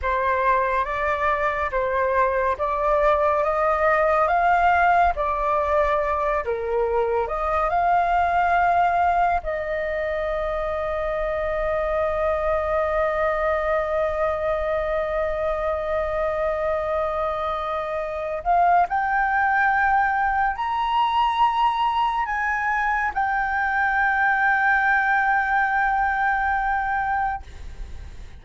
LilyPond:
\new Staff \with { instrumentName = "flute" } { \time 4/4 \tempo 4 = 70 c''4 d''4 c''4 d''4 | dis''4 f''4 d''4. ais'8~ | ais'8 dis''8 f''2 dis''4~ | dis''1~ |
dis''1~ | dis''4. f''8 g''2 | ais''2 gis''4 g''4~ | g''1 | }